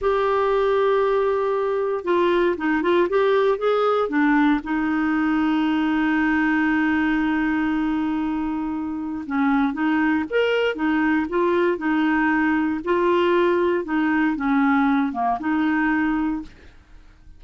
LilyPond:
\new Staff \with { instrumentName = "clarinet" } { \time 4/4 \tempo 4 = 117 g'1 | f'4 dis'8 f'8 g'4 gis'4 | d'4 dis'2.~ | dis'1~ |
dis'2 cis'4 dis'4 | ais'4 dis'4 f'4 dis'4~ | dis'4 f'2 dis'4 | cis'4. ais8 dis'2 | }